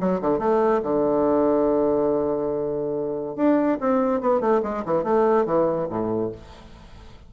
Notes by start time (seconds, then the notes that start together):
0.00 F#3
0.21 D3
0.39 A3
0.83 D3
3.36 D4
3.80 C4
4.21 B3
4.40 A3
4.63 G#3
4.85 E3
5.04 A3
5.46 E3
5.90 A2